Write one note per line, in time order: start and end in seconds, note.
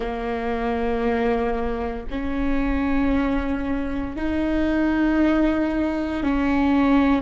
0.00 2.05 A#3
2.10 4.16 C#4
4.16 6.23 D#4
6.23 7.22 C#4